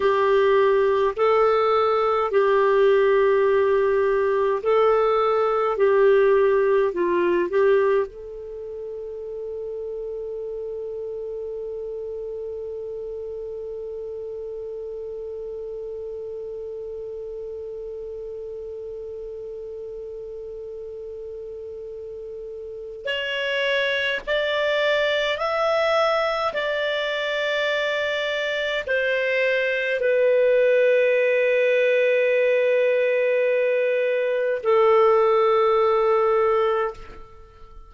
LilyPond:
\new Staff \with { instrumentName = "clarinet" } { \time 4/4 \tempo 4 = 52 g'4 a'4 g'2 | a'4 g'4 f'8 g'8 a'4~ | a'1~ | a'1~ |
a'1 | cis''4 d''4 e''4 d''4~ | d''4 c''4 b'2~ | b'2 a'2 | }